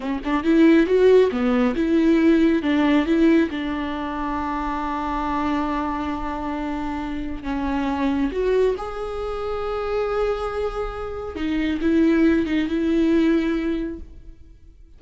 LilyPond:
\new Staff \with { instrumentName = "viola" } { \time 4/4 \tempo 4 = 137 cis'8 d'8 e'4 fis'4 b4 | e'2 d'4 e'4 | d'1~ | d'1~ |
d'4 cis'2 fis'4 | gis'1~ | gis'2 dis'4 e'4~ | e'8 dis'8 e'2. | }